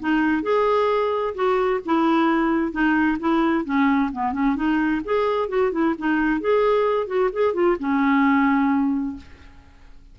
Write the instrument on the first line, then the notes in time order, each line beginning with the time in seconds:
clarinet
0.00 D#4
0.42 G#4
1.34 F#4
1.85 E4
2.72 D#4
3.20 E4
3.65 C#4
4.12 B3
4.33 C#4
4.56 D#4
5.05 G#4
5.49 F#4
5.72 E4
5.98 D#4
6.41 G#4
7.07 F#4
7.33 G#4
7.54 F4
7.79 C#4